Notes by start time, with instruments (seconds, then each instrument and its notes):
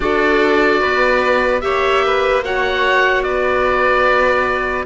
0.00 cello D4, clarinet F#4, violin A4, oboe D5
0.80 cello B3, violin B4
1.60 cello A#3, clarinet G4, violin C#5, oboe E5
2.05 violin B4
2.43 clarinet F#4, violin C#5, oboe F#5
3.23 cello B3, violin B4, oboe D5